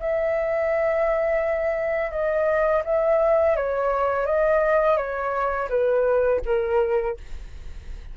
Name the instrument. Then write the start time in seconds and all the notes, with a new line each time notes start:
flute
0.00 E5
2.11 D#5
2.85 E5
3.56 C#5
4.26 D#5
4.97 C#5
5.69 B4
6.46 A#4